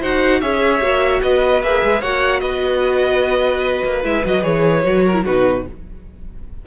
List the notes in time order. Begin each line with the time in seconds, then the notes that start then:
0.00 D#4 F#4 C5 F#5
0.40 C#4 G#4 C#5 E5
0.80 A#3 F#4
1.22 B3 B4 D#5
1.62 A#3 G#4 E5
1.82 G#3
2.00 A#3 F#4 C#5 F#5
2.40 B3 B4 D#5
3.84 A#3
4.03 G#3 E4 E5
4.24 F#3 F#4 D#5
4.42 E3 G#4 C#5
4.83 F#3 F#4
5.05 A#4
5.13 E4
5.25 B2 D#4 F#4 B4